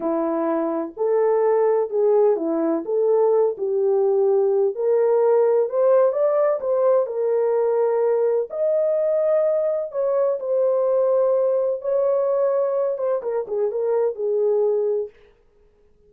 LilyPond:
\new Staff \with { instrumentName = "horn" } { \time 4/4 \tempo 4 = 127 e'2 a'2 | gis'4 e'4 a'4. g'8~ | g'2 ais'2 | c''4 d''4 c''4 ais'4~ |
ais'2 dis''2~ | dis''4 cis''4 c''2~ | c''4 cis''2~ cis''8 c''8 | ais'8 gis'8 ais'4 gis'2 | }